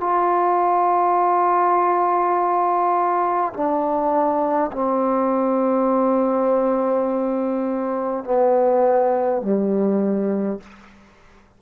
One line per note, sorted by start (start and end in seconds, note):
0.00 3.53 F4
3.53 4.71 D4
4.72 8.24 C4
8.24 9.42 B3
9.42 10.59 G3